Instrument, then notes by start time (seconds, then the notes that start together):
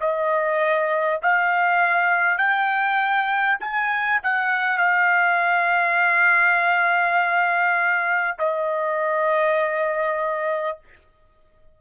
trumpet
0.00 D#5
1.22 F5
2.38 G5
3.60 G#5
4.23 F#5
4.78 F5
8.39 D#5